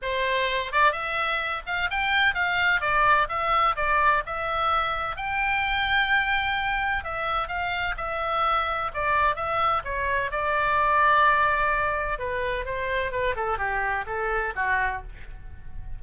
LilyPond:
\new Staff \with { instrumentName = "oboe" } { \time 4/4 \tempo 4 = 128 c''4. d''8 e''4. f''8 | g''4 f''4 d''4 e''4 | d''4 e''2 g''4~ | g''2. e''4 |
f''4 e''2 d''4 | e''4 cis''4 d''2~ | d''2 b'4 c''4 | b'8 a'8 g'4 a'4 fis'4 | }